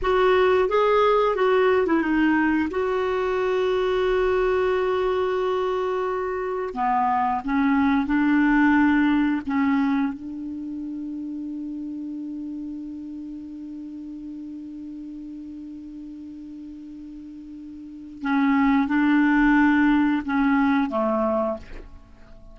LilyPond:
\new Staff \with { instrumentName = "clarinet" } { \time 4/4 \tempo 4 = 89 fis'4 gis'4 fis'8. e'16 dis'4 | fis'1~ | fis'2 b4 cis'4 | d'2 cis'4 d'4~ |
d'1~ | d'1~ | d'2. cis'4 | d'2 cis'4 a4 | }